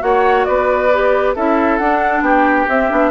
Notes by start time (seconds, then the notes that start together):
0.00 A#3 F#4 C#5 F#5
0.45 B3 B4 D5
0.93 G4
1.35 C#4 E4 A4 E5
1.78 D4 F#5
2.21 B3 G4 G5
2.69 C4 E5
2.90 B3 D4